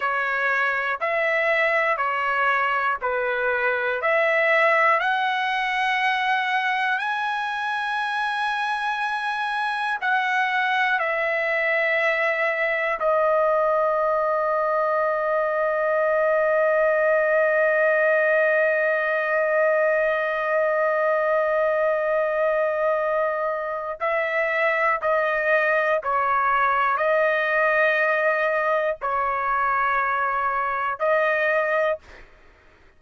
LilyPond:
\new Staff \with { instrumentName = "trumpet" } { \time 4/4 \tempo 4 = 60 cis''4 e''4 cis''4 b'4 | e''4 fis''2 gis''4~ | gis''2 fis''4 e''4~ | e''4 dis''2.~ |
dis''1~ | dis''1 | e''4 dis''4 cis''4 dis''4~ | dis''4 cis''2 dis''4 | }